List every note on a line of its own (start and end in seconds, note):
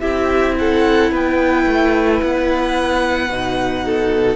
0.00 1.11 C4
0.00 3.28 E4
0.00 0.55 G4
0.00 0.55 E5
0.58 1.12 A4
0.58 1.13 F#5
1.11 1.66 B3
1.11 3.84 B4
1.11 2.22 G5
1.66 2.21 A3
2.22 3.29 B3
2.22 4.36 F#5
3.29 4.36 B2
3.29 4.36 D#4
3.85 4.36 A4